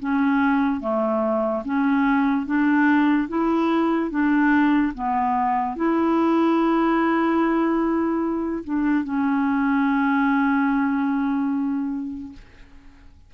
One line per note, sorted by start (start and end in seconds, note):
0.00 0.81 C#4
0.81 1.63 A3
1.65 2.46 C#4
2.46 3.28 D4
3.29 4.11 E4
4.11 4.93 D4
4.95 5.76 B3
5.76 8.64 E4
8.64 9.04 D4
9.04 12.33 C#4